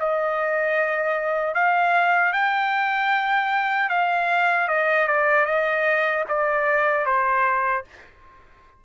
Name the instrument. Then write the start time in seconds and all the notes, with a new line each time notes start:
trumpet
0.00 D#5
1.55 F5
2.33 G5
3.90 F5
4.68 D#5
5.08 D5
5.46 D#5
6.29 D5
7.06 C5